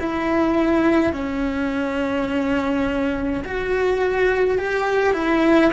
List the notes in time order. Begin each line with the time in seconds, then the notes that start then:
0.00 E4
1.13 C#4
3.45 F#4
4.58 G4
5.13 E4